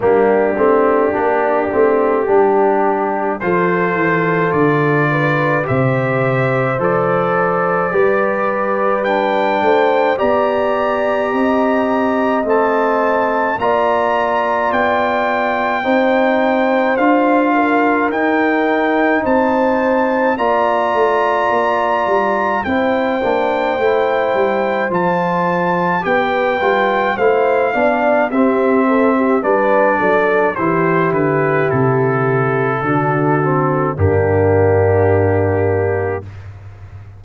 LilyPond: <<
  \new Staff \with { instrumentName = "trumpet" } { \time 4/4 \tempo 4 = 53 g'2. c''4 | d''4 e''4 d''2 | g''4 ais''2 a''4 | ais''4 g''2 f''4 |
g''4 a''4 ais''2 | g''2 a''4 g''4 | f''4 e''4 d''4 c''8 b'8 | a'2 g'2 | }
  \new Staff \with { instrumentName = "horn" } { \time 4/4 d'2 g'4 a'4~ | a'8 b'8 c''2 b'4~ | b'8 c''8 d''4 dis''2 | d''2 c''4. ais'8~ |
ais'4 c''4 d''2 | c''2. b'4 | c''8 d''8 g'8 a'16 g'16 b'8 a'8 g'4~ | g'4 fis'4 d'2 | }
  \new Staff \with { instrumentName = "trombone" } { \time 4/4 ais8 c'8 d'8 c'8 d'4 f'4~ | f'4 g'4 a'4 g'4 | d'4 g'2 c'4 | f'2 dis'4 f'4 |
dis'2 f'2 | e'8 d'8 e'4 f'4 g'8 f'8 | e'8 d'8 c'4 d'4 e'4~ | e'4 d'8 c'8 ais2 | }
  \new Staff \with { instrumentName = "tuba" } { \time 4/4 g8 a8 ais8 a8 g4 f8 e8 | d4 c4 f4 g4~ | g8 a8 b4 c'4 a4 | ais4 b4 c'4 d'4 |
dis'4 c'4 ais8 a8 ais8 g8 | c'8 ais8 a8 g8 f4 b8 g8 | a8 b8 c'4 g8 fis8 e8 d8 | c4 d4 g,2 | }
>>